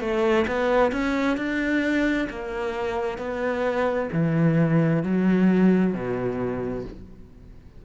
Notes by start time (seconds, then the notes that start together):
0.00 A3
0.47 B3
0.91 C#4
1.37 D4
2.29 A#3
3.18 B3
4.12 E3
5.03 F#3
5.93 B2